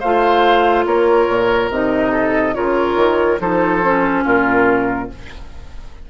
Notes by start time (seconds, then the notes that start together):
0.00 A3 F4 C5 F5
0.86 A#3 A#4 C#5
1.28 A#2
1.70 C3 D#4 D#5
2.11 A4
2.54 C#3 F4 A#4 C#5
2.95 D#3
3.40 F3 D#4 A4 C5
3.82 C#4
4.24 A#2 F4 A#4